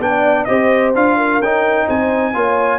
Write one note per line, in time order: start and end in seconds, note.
0.00 0.47 B3
0.00 0.48 D4
0.00 0.48 D5
0.00 0.45 G5
0.45 0.96 C4
0.45 0.95 G4
0.45 1.17 C5
0.45 0.91 D#5
0.96 1.41 D4
0.96 1.42 F4
0.96 1.42 F5
1.17 1.87 A#4
1.41 1.87 C#4
1.41 2.34 D#4
1.41 1.89 G5
1.87 2.34 C4
1.87 2.33 C5
1.87 2.80 G#5
2.34 2.80 A#3
2.34 2.80 F4
2.34 2.80 C#5